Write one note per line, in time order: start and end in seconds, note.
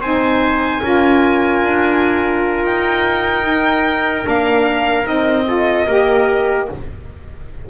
0.00 0.81 C4
0.00 0.83 D#4
0.00 0.82 C5
0.00 2.65 G#5
0.82 1.62 C#4
0.82 3.43 F4
0.82 5.47 A#4
1.62 2.63 D4
2.63 4.25 D#4
2.63 4.27 G5
3.43 4.23 D#4
4.23 5.06 A#3
4.23 5.04 D4
4.29 5.07 F5
5.04 5.87 C4
5.04 5.45 D#4
5.04 6.69 D#5
5.46 5.87 F4
5.46 5.86 A4
5.86 6.68 A#3
5.86 6.69 G4
5.86 6.68 A#4